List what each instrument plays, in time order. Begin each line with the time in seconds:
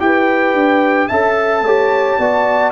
0.00 tuba E4, trombone G4, horn B4, trumpet G5
0.54 tuba D4
1.08 tuba C#4, trombone A4, horn E5, trumpet A5
1.62 tuba A3, trombone G4, horn C#5
2.19 tuba B3, trombone F#4, horn D5